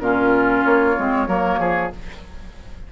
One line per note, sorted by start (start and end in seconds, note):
0.00 0.64 A#2
0.00 0.97 C#4
0.00 1.28 F4
0.00 0.64 A#4
0.65 0.97 A#3
0.65 1.93 C#5
0.97 1.28 G#3
0.97 1.27 C4
1.27 1.59 F#3
1.27 1.91 A#3
1.27 1.60 A#4
1.59 1.91 F3
1.59 1.92 G#4